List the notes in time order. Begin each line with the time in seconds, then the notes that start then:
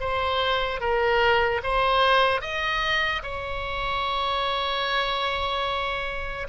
0.00 C5
0.80 A#4
1.63 C5
2.41 D#5
3.23 C#5